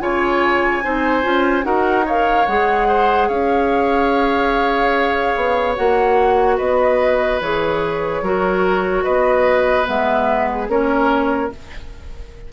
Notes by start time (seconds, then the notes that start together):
0.00 C#3 F4 C#5 G#5
0.84 C4 D#4 C5
1.22 C#4 F4
1.63 D#4 F#4 A#4 F#5
2.06 A#4 C#5 F5
2.47 G#3 G#4 F#5
2.88 C5
3.28 C#4 C#5 F5
5.36 B3
5.76 A#3 F#4 F#5
6.57 B3 B4 D#5
7.41 E3 G#4 C#5
8.22 F#3 F#4 A#4
9.04 B3 B4 D#5
9.85 G#3 B3 E5
10.51 G#4
10.68 A#3 C#4 A#4 C#5